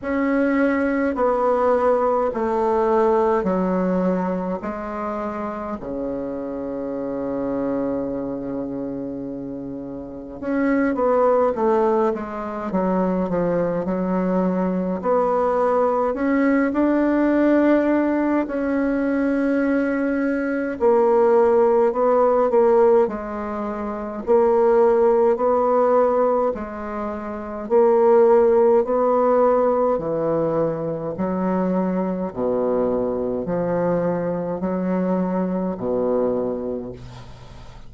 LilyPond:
\new Staff \with { instrumentName = "bassoon" } { \time 4/4 \tempo 4 = 52 cis'4 b4 a4 fis4 | gis4 cis2.~ | cis4 cis'8 b8 a8 gis8 fis8 f8 | fis4 b4 cis'8 d'4. |
cis'2 ais4 b8 ais8 | gis4 ais4 b4 gis4 | ais4 b4 e4 fis4 | b,4 f4 fis4 b,4 | }